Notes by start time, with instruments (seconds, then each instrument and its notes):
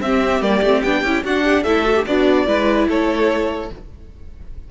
0.00 cello C4, viola C4, violin G4 E5
0.41 cello G3, viola A#3, violin D5
0.62 cello A3, viola C4
0.82 cello B3, viola D4, violin G5
1.03 cello C#4, viola E4
1.24 cello D4, viola D4, violin F#4 F#5
1.44 violin G4
1.63 cello A3, viola E4, violin A4 E5
1.84 viola F#4
1.95 viola G4
2.06 cello B3, violin D4 D5, viola F#4
2.46 cello G#3, viola E4, violin B4
2.88 cello A3, violin A4 C#5